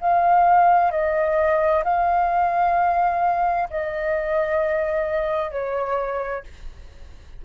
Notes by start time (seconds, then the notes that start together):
0.00 F5
0.91 D#5
1.84 F5
3.70 D#5
5.51 C#5